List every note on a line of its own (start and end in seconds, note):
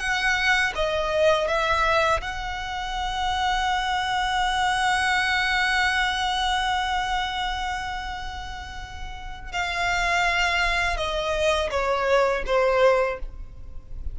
0.00 0.73 F#5
0.75 1.48 D#5
1.48 2.22 E5
2.22 9.53 F#5
9.53 10.97 F5
10.97 11.70 D#5
11.71 12.44 C#5
12.47 13.20 C5